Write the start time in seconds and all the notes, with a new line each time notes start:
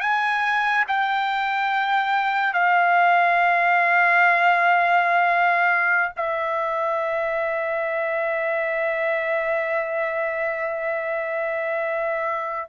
0.00 G#5
0.88 G5
2.53 F5
6.16 E5